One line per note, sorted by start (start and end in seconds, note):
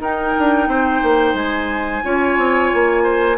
0.00 0.34 D#4
0.00 2.04 D#4
0.00 0.68 A#4
0.00 1.36 G5
0.38 0.68 D4
0.68 1.01 C4
0.68 2.04 C5
1.03 1.34 A#3
1.34 2.01 G#3
1.34 3.38 G#5
2.04 2.38 C#4
2.04 3.38 F4
2.04 3.04 C#5
2.38 2.72 C4
2.74 3.38 A#3
3.04 3.37 C5